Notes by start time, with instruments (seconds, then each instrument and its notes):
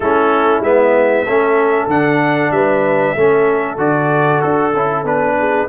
0.00 tuba A3, trombone C#4, horn E4, trumpet A4
0.60 tuba G#3, trombone B3, trumpet E5
1.25 tuba A3, trombone C#4, horn A4
1.87 tuba D3, trombone D4, trumpet F#5
2.51 tuba G3, horn B4, trumpet E5
3.15 tuba A3, trombone C#4, horn A4
3.77 tuba D3, trombone F#4, trumpet D5
4.41 tuba D4, trumpet A4
4.73 tuba C#4, trombone E4
5.03 tuba B3, trombone D4, trumpet B4
5.39 horn G#4